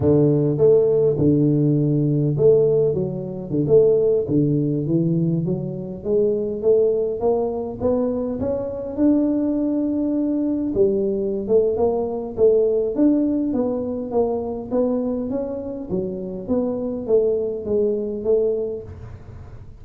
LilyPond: \new Staff \with { instrumentName = "tuba" } { \time 4/4 \tempo 4 = 102 d4 a4 d2 | a4 fis4 d16 a4 d8.~ | d16 e4 fis4 gis4 a8.~ | a16 ais4 b4 cis'4 d'8.~ |
d'2~ d'16 g4~ g16 a8 | ais4 a4 d'4 b4 | ais4 b4 cis'4 fis4 | b4 a4 gis4 a4 | }